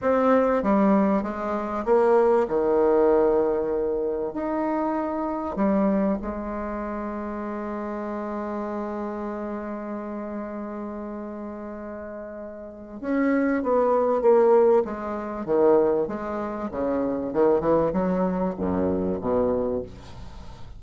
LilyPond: \new Staff \with { instrumentName = "bassoon" } { \time 4/4 \tempo 4 = 97 c'4 g4 gis4 ais4 | dis2. dis'4~ | dis'4 g4 gis2~ | gis1~ |
gis1~ | gis4 cis'4 b4 ais4 | gis4 dis4 gis4 cis4 | dis8 e8 fis4 fis,4 b,4 | }